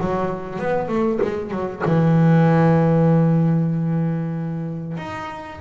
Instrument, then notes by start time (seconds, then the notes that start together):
double bass
0.00 F#3
0.59 B3
0.88 A3
1.22 G#3
1.51 F#3
1.86 E3
4.97 D#4